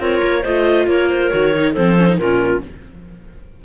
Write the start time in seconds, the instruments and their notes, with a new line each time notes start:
0.00 cello C4, clarinet F4 C#5, viola A#4
0.23 cello A#3
0.41 cello A3, clarinet C5 D#5
0.47 viola F4
0.87 cello A#3, clarinet A#4 C#5
1.10 clarinet C5
1.30 cello D#3, viola F#4, clarinet C#5
1.54 viola D#4
1.73 cello F3, viola C4, clarinet A4 C5
1.99 viola C#4
2.08 viola D#4
2.18 cello A#2, viola C#4, clarinet F4 A#4